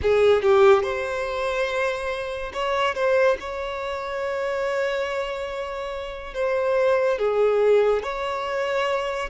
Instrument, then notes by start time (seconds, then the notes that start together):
violin
0.02 G#4
0.41 G4
0.83 C5
2.53 C#5
2.94 C5
3.40 C#5
6.33 C5
7.18 G#4
8.02 C#5